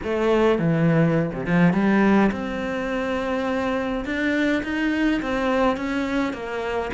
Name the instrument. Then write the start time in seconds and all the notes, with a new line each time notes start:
cello
0.03 A3
0.58 E3
1.33 C3
1.46 F3
1.73 G3
2.31 C4
4.05 D4
4.63 D#4
5.22 C4
5.76 C#4
6.33 A#3